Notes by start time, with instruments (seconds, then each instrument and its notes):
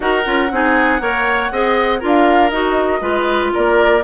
0.00 bassoon D#4, clarinet F#4, oboe A#4, flute F#5
0.24 bassoon C#4, clarinet F4
0.51 bassoon C4, clarinet D#4, oboe G#4
0.99 bassoon A#3, clarinet A#4, oboe C#5
1.51 bassoon C4, clarinet G#4, oboe D#5
1.99 bassoon D4, clarinet F4, oboe A#4
2.07 flute F5
2.49 bassoon D#4, clarinet F#4, flute D#5
3.00 bassoon G#3, clarinet F4, oboe B4
3.53 bassoon A#3, oboe A#4, flute D5